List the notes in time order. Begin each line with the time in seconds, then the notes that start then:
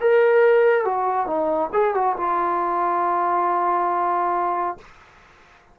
0.00 A#4
0.85 F#4
1.26 D#4
1.72 G#4
1.94 F#4
2.17 F4